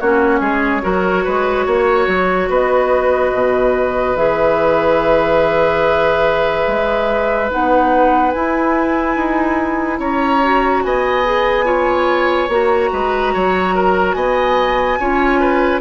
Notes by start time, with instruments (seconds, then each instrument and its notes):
0.00 bassoon A#3, clarinet C#4, oboe F#4, flute C#5
0.40 bassoon G#3, oboe G#4
0.83 bassoon F#3, clarinet F#4, oboe A#4
1.24 bassoon G#3, oboe B4
1.66 bassoon A#3, oboe C#5
2.08 bassoon F#3
2.49 bassoon B3, oboe B4, flute D#5
3.34 bassoon B2
4.16 bassoon E3, clarinet G#4, flute E5
6.68 bassoon G#3
7.51 bassoon B3, clarinet D#4, flute F#5
8.32 bassoon E4, clarinet E4, flute G#5
9.16 bassoon D#4
9.99 bassoon C#4, oboe C#5, flute A#5
10.43 clarinet F#4
10.84 bassoon B3, oboe D#5, flute G#5
11.25 clarinet G#4
11.65 clarinet F4, oboe C#5
12.49 bassoon A#3, clarinet F#4, flute A#5
12.93 bassoon G#3, oboe B4
13.34 bassoon F#3, oboe C#5
13.75 oboe A#4
14.13 bassoon B3, oboe D#5, flute G#5
15.00 bassoon C#4, clarinet F4, oboe C#5
15.41 oboe B4